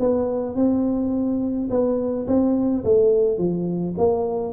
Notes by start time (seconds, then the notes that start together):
0.00 B3
0.56 C4
1.70 B3
2.28 C4
2.85 A3
3.38 F3
3.98 A#3